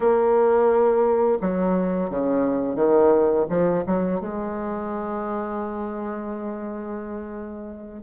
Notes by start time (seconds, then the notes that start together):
0.00 A#3
1.41 F#3
2.09 C#3
2.75 D#3
3.49 F3
3.86 F#3
4.20 G#3